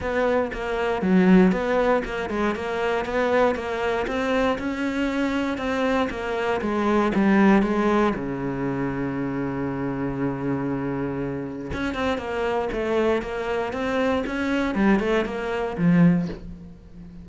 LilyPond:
\new Staff \with { instrumentName = "cello" } { \time 4/4 \tempo 4 = 118 b4 ais4 fis4 b4 | ais8 gis8 ais4 b4 ais4 | c'4 cis'2 c'4 | ais4 gis4 g4 gis4 |
cis1~ | cis2. cis'8 c'8 | ais4 a4 ais4 c'4 | cis'4 g8 a8 ais4 f4 | }